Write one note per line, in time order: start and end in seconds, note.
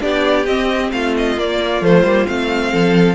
0.00 0.46 B3
0.00 0.45 D4
0.00 0.92 G4
0.00 0.46 D5
0.46 0.92 C4
0.46 1.38 C4
0.46 0.91 D#5
0.92 1.37 A3
0.92 2.71 F4
0.92 1.15 F5
1.18 1.39 D#5
1.37 1.81 A#3
1.37 1.82 A#3
1.37 1.84 D5
1.81 2.03 F3
1.81 2.05 A3
1.81 2.27 C5
2.03 2.26 G3
2.03 2.28 A#3
2.27 2.73 A3
2.27 3.15 C4
2.27 3.15 F5
2.71 3.15 F3
2.71 3.15 A4